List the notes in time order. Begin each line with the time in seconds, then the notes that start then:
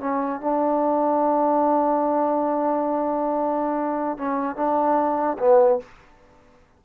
0.00 C#4
0.41 D4
4.18 C#4
4.56 D4
5.39 B3